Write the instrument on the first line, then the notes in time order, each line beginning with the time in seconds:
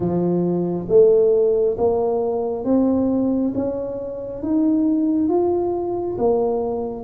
tuba
0.00 F3
0.88 A3
1.77 A#3
2.64 C4
3.55 C#4
4.42 D#4
5.28 F4
6.18 A#3